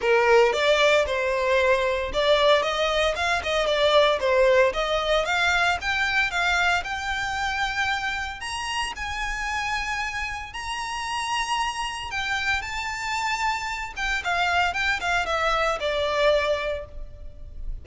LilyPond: \new Staff \with { instrumentName = "violin" } { \time 4/4 \tempo 4 = 114 ais'4 d''4 c''2 | d''4 dis''4 f''8 dis''8 d''4 | c''4 dis''4 f''4 g''4 | f''4 g''2. |
ais''4 gis''2. | ais''2. g''4 | a''2~ a''8 g''8 f''4 | g''8 f''8 e''4 d''2 | }